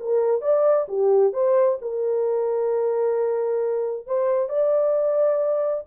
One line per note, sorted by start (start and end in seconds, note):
0.00 0.42 A#4
0.42 0.87 D5
0.89 1.33 G4
1.33 1.78 C5
1.81 4.07 A#4
4.07 4.49 C5
4.49 5.84 D5